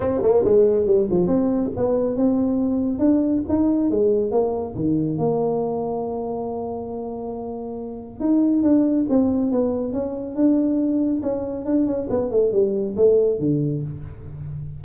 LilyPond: \new Staff \with { instrumentName = "tuba" } { \time 4/4 \tempo 4 = 139 c'8 ais8 gis4 g8 f8 c'4 | b4 c'2 d'4 | dis'4 gis4 ais4 dis4 | ais1~ |
ais2. dis'4 | d'4 c'4 b4 cis'4 | d'2 cis'4 d'8 cis'8 | b8 a8 g4 a4 d4 | }